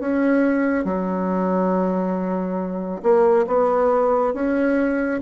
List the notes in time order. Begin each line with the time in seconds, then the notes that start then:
0.00 C#4
0.85 F#3
3.03 A#3
3.47 B3
4.34 C#4